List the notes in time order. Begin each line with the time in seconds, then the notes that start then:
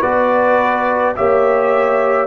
0.00 B3 F#4 B4 D5
1.17 A#3 G4 C#5 E5